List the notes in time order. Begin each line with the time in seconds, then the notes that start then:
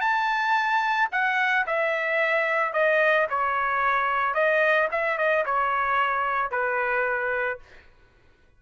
0.00 A5
1.11 F#5
1.66 E5
2.72 D#5
3.29 C#5
4.34 D#5
4.91 E5
5.17 D#5
5.45 C#5
6.50 B4